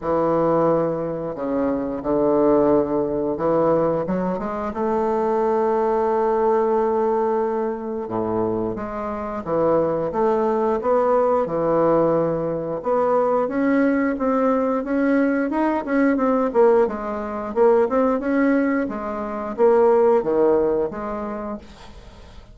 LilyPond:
\new Staff \with { instrumentName = "bassoon" } { \time 4/4 \tempo 4 = 89 e2 cis4 d4~ | d4 e4 fis8 gis8 a4~ | a1 | a,4 gis4 e4 a4 |
b4 e2 b4 | cis'4 c'4 cis'4 dis'8 cis'8 | c'8 ais8 gis4 ais8 c'8 cis'4 | gis4 ais4 dis4 gis4 | }